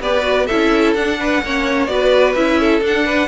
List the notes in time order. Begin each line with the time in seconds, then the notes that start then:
0.00 B3 G4 B4 D5
0.22 F#4
0.47 C#4 E4 A4 E5
0.95 D4 F#5
1.20 B4
1.43 A#3 C#4 C#5
1.87 B3 F#4 B4 D5
2.35 C#4 E4 E5
2.60 A4
2.81 D4
2.87 F#5
3.06 B4